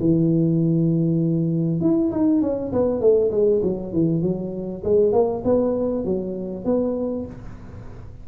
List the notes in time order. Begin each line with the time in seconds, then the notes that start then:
0.00 E3
1.81 E4
2.12 D#4
2.42 C#4
2.72 B3
3.01 A3
3.31 G#3
3.63 F#3
3.93 E3
4.22 F#3
4.84 G#3
5.13 A#3
5.44 B3
6.05 F#3
6.65 B3